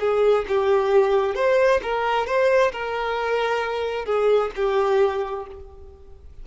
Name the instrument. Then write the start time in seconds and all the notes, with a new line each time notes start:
violin
0.00 G#4
0.48 G4
1.35 C5
1.83 A#4
2.26 C5
2.72 A#4
4.05 G#4
4.56 G4